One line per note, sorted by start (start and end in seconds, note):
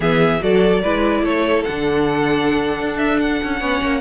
0.00 0.41 E3
0.00 0.39 B3
0.00 0.41 G#4
0.00 0.42 E5
0.40 0.83 F#3
0.40 0.81 F#4
0.40 0.82 A4
0.40 1.24 D5
0.82 1.22 G#3
0.82 1.67 E4
0.82 1.24 B4
1.22 1.64 A3
1.22 3.59 A4
1.22 1.63 C#5
1.63 2.79 D3
1.63 3.60 D4
1.63 2.98 F#5
2.79 3.41 D4
2.98 3.18 E5
3.19 4.00 F#5
3.43 3.60 C#4
3.59 3.81 B3
3.59 4.00 C#4
3.59 4.00 C#5
3.81 4.00 A#3